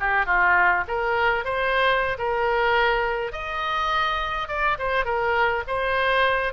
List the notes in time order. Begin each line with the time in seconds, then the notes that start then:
0.00 G4
0.26 F4
0.88 A#4
1.45 C5
2.19 A#4
3.33 D#5
4.49 D5
4.79 C5
5.05 A#4
5.68 C5